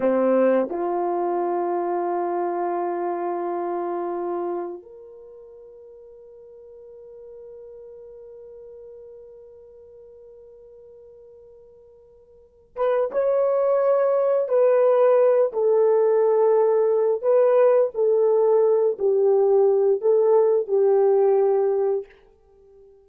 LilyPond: \new Staff \with { instrumentName = "horn" } { \time 4/4 \tempo 4 = 87 c'4 f'2.~ | f'2. ais'4~ | ais'1~ | ais'1~ |
ais'2~ ais'8 b'8 cis''4~ | cis''4 b'4. a'4.~ | a'4 b'4 a'4. g'8~ | g'4 a'4 g'2 | }